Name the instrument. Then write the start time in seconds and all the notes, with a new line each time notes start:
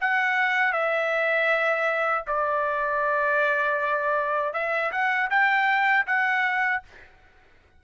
trumpet
0.00 F#5
0.72 E5
2.27 D5
4.53 E5
4.92 F#5
5.30 G5
6.06 F#5